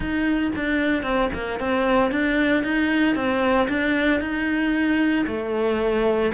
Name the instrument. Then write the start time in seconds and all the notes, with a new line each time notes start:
cello
0.00 D#4
0.55 D4
1.02 C4
1.33 A#3
1.59 C4
2.11 D4
2.63 D#4
3.15 C4
3.68 D4
4.20 D#4
5.27 A3